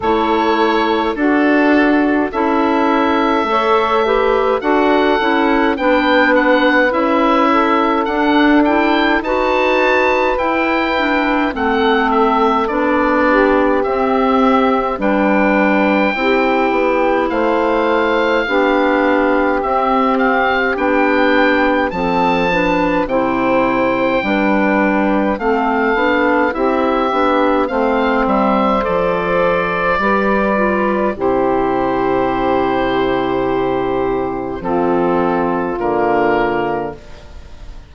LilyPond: <<
  \new Staff \with { instrumentName = "oboe" } { \time 4/4 \tempo 4 = 52 cis''4 a'4 e''2 | fis''4 g''8 fis''8 e''4 fis''8 g''8 | a''4 g''4 fis''8 e''8 d''4 | e''4 g''2 f''4~ |
f''4 e''8 f''8 g''4 a''4 | g''2 f''4 e''4 | f''8 e''8 d''2 c''4~ | c''2 a'4 ais'4 | }
  \new Staff \with { instrumentName = "saxophone" } { \time 4/4 a'4 fis'4 a'4 cis''8 b'8 | a'4 b'4. a'4. | b'2 a'4. g'8~ | g'4 b'4 g'4 c''4 |
g'2. a'8 b'8 | c''4 b'4 a'4 g'4 | c''2 b'4 g'4~ | g'2 f'2 | }
  \new Staff \with { instrumentName = "clarinet" } { \time 4/4 e'4 d'4 e'4 a'8 g'8 | fis'8 e'8 d'4 e'4 d'8 e'8 | fis'4 e'8 d'8 c'4 d'4 | c'4 d'4 e'2 |
d'4 c'4 d'4 c'8 d'8 | e'4 d'4 c'8 d'8 e'8 d'8 | c'4 a'4 g'8 f'8 e'4~ | e'2 c'4 ais4 | }
  \new Staff \with { instrumentName = "bassoon" } { \time 4/4 a4 d'4 cis'4 a4 | d'8 cis'8 b4 cis'4 d'4 | dis'4 e'4 a4 b4 | c'4 g4 c'8 b8 a4 |
b4 c'4 b4 f4 | c4 g4 a8 b8 c'8 b8 | a8 g8 f4 g4 c4~ | c2 f4 d4 | }
>>